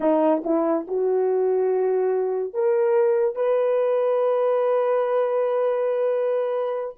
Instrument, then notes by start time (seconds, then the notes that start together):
horn
0.00 D#4
0.44 E4
0.87 F#4
2.54 A#4
3.35 B4